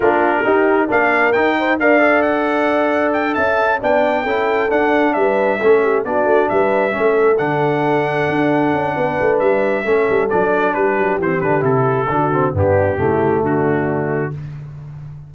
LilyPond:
<<
  \new Staff \with { instrumentName = "trumpet" } { \time 4/4 \tempo 4 = 134 ais'2 f''4 g''4 | f''4 fis''2 g''8 a''8~ | a''8 g''2 fis''4 e''8~ | e''4. d''4 e''4.~ |
e''8 fis''2.~ fis''8~ | fis''4 e''2 d''4 | b'4 c''8 b'8 a'2 | g'2 fis'2 | }
  \new Staff \with { instrumentName = "horn" } { \time 4/4 f'4 g'4 ais'4. c''8 | d''2.~ d''8 e''8~ | e''8 d''4 a'2 b'8~ | b'8 a'8 g'8 fis'4 b'4 a'8~ |
a'1 | b'2 a'2 | g'2. fis'4 | d'4 e'4 d'2 | }
  \new Staff \with { instrumentName = "trombone" } { \time 4/4 d'4 dis'4 d'4 dis'4 | ais'8 a'2.~ a'8~ | a'8 d'4 e'4 d'4.~ | d'8 cis'4 d'2 cis'8~ |
cis'8 d'2.~ d'8~ | d'2 cis'4 d'4~ | d'4 c'8 d'8 e'4 d'8 c'8 | b4 a2. | }
  \new Staff \with { instrumentName = "tuba" } { \time 4/4 ais4 dis'4 ais4 dis'4 | d'2.~ d'8 cis'8~ | cis'8 b4 cis'4 d'4 g8~ | g8 a4 b8 a8 g4 a8~ |
a8 d2 d'4 cis'8 | b8 a8 g4 a8 g8 fis4 | g8 fis8 e8 d8 c4 d4 | g,4 cis4 d2 | }
>>